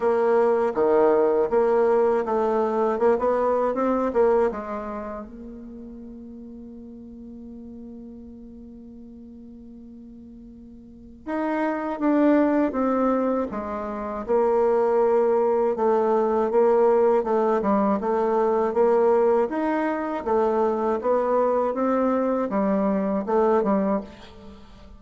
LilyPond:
\new Staff \with { instrumentName = "bassoon" } { \time 4/4 \tempo 4 = 80 ais4 dis4 ais4 a4 | ais16 b8. c'8 ais8 gis4 ais4~ | ais1~ | ais2. dis'4 |
d'4 c'4 gis4 ais4~ | ais4 a4 ais4 a8 g8 | a4 ais4 dis'4 a4 | b4 c'4 g4 a8 g8 | }